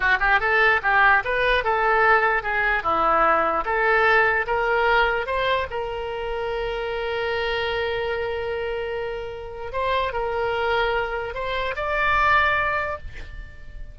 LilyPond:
\new Staff \with { instrumentName = "oboe" } { \time 4/4 \tempo 4 = 148 fis'8 g'8 a'4 g'4 b'4 | a'2 gis'4 e'4~ | e'4 a'2 ais'4~ | ais'4 c''4 ais'2~ |
ais'1~ | ais'1 | c''4 ais'2. | c''4 d''2. | }